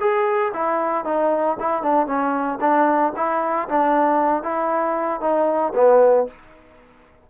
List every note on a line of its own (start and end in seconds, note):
0.00 0.52 G#4
0.53 1.05 E4
1.05 1.57 D#4
1.60 1.83 E4
1.83 2.06 D4
2.06 2.58 C#4
2.61 3.13 D4
3.16 3.68 E4
3.69 4.43 D4
4.43 5.21 E4
5.21 5.73 D#4
5.75 6.27 B3